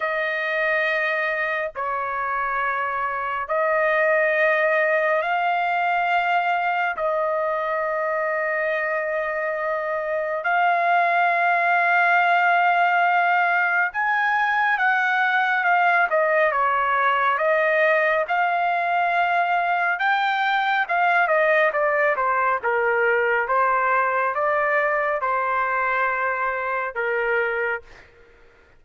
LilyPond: \new Staff \with { instrumentName = "trumpet" } { \time 4/4 \tempo 4 = 69 dis''2 cis''2 | dis''2 f''2 | dis''1 | f''1 |
gis''4 fis''4 f''8 dis''8 cis''4 | dis''4 f''2 g''4 | f''8 dis''8 d''8 c''8 ais'4 c''4 | d''4 c''2 ais'4 | }